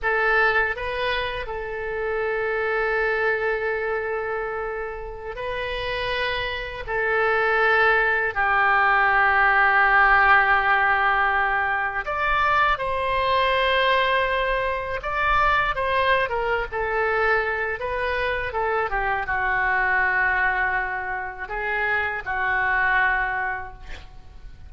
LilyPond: \new Staff \with { instrumentName = "oboe" } { \time 4/4 \tempo 4 = 81 a'4 b'4 a'2~ | a'2.~ a'16 b'8.~ | b'4~ b'16 a'2 g'8.~ | g'1~ |
g'16 d''4 c''2~ c''8.~ | c''16 d''4 c''8. ais'8 a'4. | b'4 a'8 g'8 fis'2~ | fis'4 gis'4 fis'2 | }